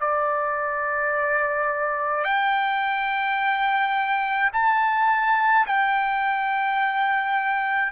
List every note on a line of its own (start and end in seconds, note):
0.00 2.24 D5
2.24 4.51 G5
4.53 5.66 A5
5.67 7.92 G5